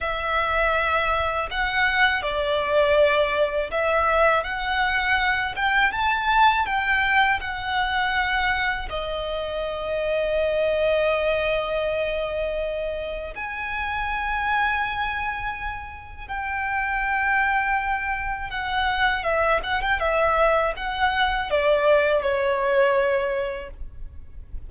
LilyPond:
\new Staff \with { instrumentName = "violin" } { \time 4/4 \tempo 4 = 81 e''2 fis''4 d''4~ | d''4 e''4 fis''4. g''8 | a''4 g''4 fis''2 | dis''1~ |
dis''2 gis''2~ | gis''2 g''2~ | g''4 fis''4 e''8 fis''16 g''16 e''4 | fis''4 d''4 cis''2 | }